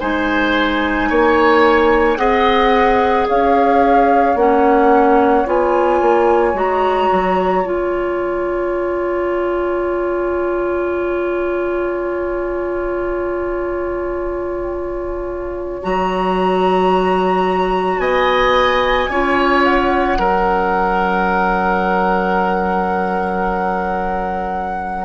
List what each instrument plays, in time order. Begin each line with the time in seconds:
0.00 bassoon G#3, clarinet D#4, oboe C5, flute G#5
1.10 bassoon A#3, oboe C#5
2.17 bassoon C4, clarinet G#4, oboe D#5, flute F#5
3.28 bassoon C#4, oboe C#5, flute F5
4.36 bassoon A#3, clarinet C#4, flute F#5
5.46 bassoon B3, clarinet F4, flute G#5
6.02 bassoon A#3
6.54 bassoon G#3, clarinet F#4, flute A#5
7.12 bassoon F#3
7.64 bassoon C#4, clarinet F4, flute G#5
15.83 bassoon F#3, clarinet F#4, flute A#5
17.99 bassoon B3, oboe D#5, flute G#5
19.09 bassoon C#4, clarinet F4, oboe C#5
19.65 flute F#5
20.19 bassoon F#3, clarinet C#4, oboe A#4